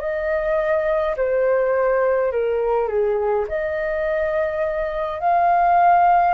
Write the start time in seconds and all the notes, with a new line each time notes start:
0.00 D#5
1.16 C5
2.31 A#4
2.87 G#4
3.48 D#5
5.19 F5